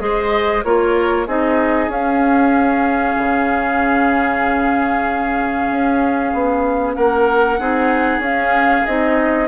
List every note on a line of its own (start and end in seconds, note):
0.00 0.64 G#3
0.00 0.63 G#4
0.00 0.65 C5
0.00 0.63 D#5
0.64 1.27 A#3
0.64 1.27 F4
0.64 1.27 A#4
0.64 1.27 C#5
1.27 1.89 C4
1.27 1.90 D#4
1.27 6.96 G#4
1.27 1.91 D#5
1.89 3.15 C#4
1.89 7.61 C#4
1.89 6.95 F5
3.18 5.70 C#3
5.70 6.33 C#4
6.34 6.97 B3
6.95 7.60 A#3
6.95 7.60 A#4
6.95 8.21 F#5
7.60 8.19 C4
7.60 8.23 D#4
7.60 9.49 G#4
8.19 8.82 C#4
8.19 8.86 C#4
8.19 8.86 F5
8.86 9.49 C4
8.86 9.49 D#4
8.86 9.49 D#5